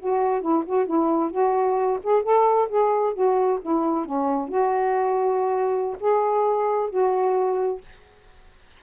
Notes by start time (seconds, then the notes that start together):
0.00 F#4
0.42 E4
0.67 F#4
0.86 E4
1.31 F#4
2.04 G#4
2.23 A4
2.69 G#4
3.14 F#4
3.62 E4
4.06 C#4
4.49 F#4
6.00 G#4
6.90 F#4